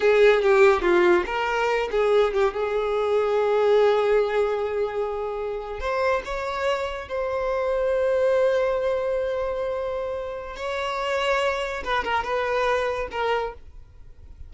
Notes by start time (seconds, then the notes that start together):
0.00 G#4
0.41 G4
0.81 F4
1.26 A#4
1.91 G#4
2.33 G4
2.53 G#4
5.80 C5
6.25 C#5
7.08 C5
10.56 C#5
11.84 B4
12.04 A#4
12.23 B4
13.11 A#4